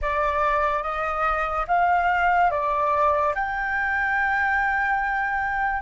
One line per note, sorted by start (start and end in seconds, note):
0.01 0.83 D5
0.83 1.66 D#5
1.67 2.50 F5
2.50 3.34 D5
3.34 5.82 G5